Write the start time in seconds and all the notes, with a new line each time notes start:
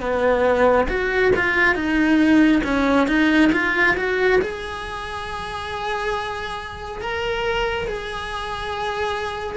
0.00 B3
0.88 F#4
1.36 F4
1.75 D#4
2.64 C#4
3.07 D#4
3.52 F4
3.96 F#4
4.41 G#4
7.01 A#4
7.87 G#4